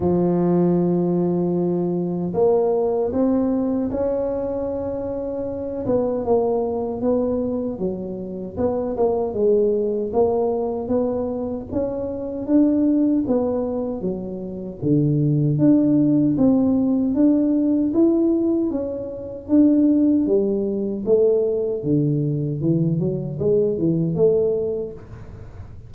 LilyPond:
\new Staff \with { instrumentName = "tuba" } { \time 4/4 \tempo 4 = 77 f2. ais4 | c'4 cis'2~ cis'8 b8 | ais4 b4 fis4 b8 ais8 | gis4 ais4 b4 cis'4 |
d'4 b4 fis4 d4 | d'4 c'4 d'4 e'4 | cis'4 d'4 g4 a4 | d4 e8 fis8 gis8 e8 a4 | }